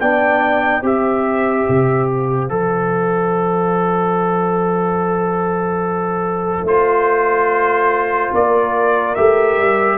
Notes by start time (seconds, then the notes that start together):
0.00 B3 D4 D5 G5
0.81 C4 G4 C5 E5
1.69 C3
2.10 F5
2.50 F3 A4
6.64 A3 F4 C5
8.32 A#3 A#4 D5
9.15 A3 G4 E5
9.58 G3